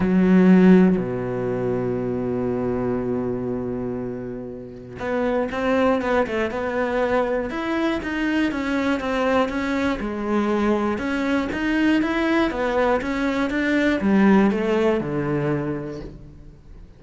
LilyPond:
\new Staff \with { instrumentName = "cello" } { \time 4/4 \tempo 4 = 120 fis2 b,2~ | b,1~ | b,2 b4 c'4 | b8 a8 b2 e'4 |
dis'4 cis'4 c'4 cis'4 | gis2 cis'4 dis'4 | e'4 b4 cis'4 d'4 | g4 a4 d2 | }